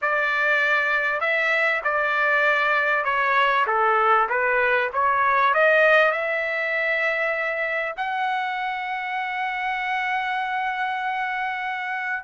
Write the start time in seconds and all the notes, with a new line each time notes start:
0.01 D5
1.20 E5
1.84 D5
3.04 C#5
3.67 A4
4.29 B4
4.93 C#5
5.54 D#5
6.11 E5
7.96 F#5